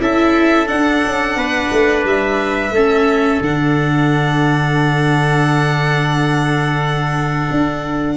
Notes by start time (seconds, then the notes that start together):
0.00 C#4 E4 A4 E5
0.67 D4 F#5
1.05 C#4
1.36 B3 B4
1.72 A3
2.05 G3 E5
2.71 A3 C#4 A4
3.41 D3 D4 F#5
7.51 D4